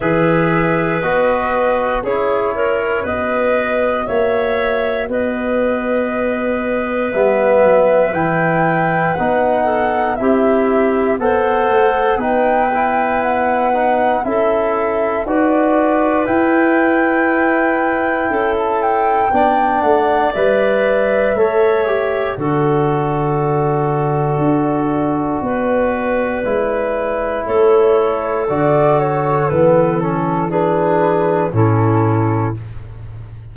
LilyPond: <<
  \new Staff \with { instrumentName = "flute" } { \time 4/4 \tempo 4 = 59 e''4 dis''4 cis''4 dis''4 | e''4 dis''2 e''4 | g''4 fis''4 e''4 fis''4 | g''4 fis''4 e''4 d''4 |
g''2~ g''16 a''16 g''4 fis''8 | e''2 d''2~ | d''2. cis''4 | d''8 cis''8 b'8 a'8 b'4 a'4 | }
  \new Staff \with { instrumentName = "clarinet" } { \time 4/4 b'2 gis'8 ais'8 b'4 | cis''4 b'2.~ | b'4. a'8 g'4 c''4 | b'2 a'4 b'4~ |
b'2 a'4 d''4~ | d''4 cis''4 a'2~ | a'4 b'2 a'4~ | a'2 gis'4 e'4 | }
  \new Staff \with { instrumentName = "trombone" } { \time 4/4 gis'4 fis'4 e'4 fis'4~ | fis'2. b4 | e'4 dis'4 e'4 a'4 | dis'8 e'4 dis'8 e'4 fis'4 |
e'2. d'4 | b'4 a'8 g'8 fis'2~ | fis'2 e'2 | fis'4 b8 cis'8 d'4 cis'4 | }
  \new Staff \with { instrumentName = "tuba" } { \time 4/4 e4 b4 cis'4 b4 | ais4 b2 g8 fis8 | e4 b4 c'4 b8 a8 | b2 cis'4 dis'4 |
e'2 cis'4 b8 a8 | g4 a4 d2 | d'4 b4 gis4 a4 | d4 e2 a,4 | }
>>